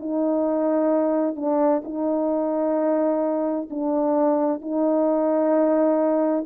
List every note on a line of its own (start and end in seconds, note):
0.00 1.36 D#4
1.36 1.82 D4
1.85 3.69 D#4
3.70 4.62 D4
4.62 6.46 D#4